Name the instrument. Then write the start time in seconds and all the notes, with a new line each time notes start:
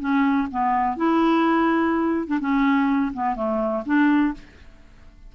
clarinet
0.00 C#4
0.51 B3
0.97 E4
2.27 D4
2.40 C#4
3.14 B3
3.36 A3
3.86 D4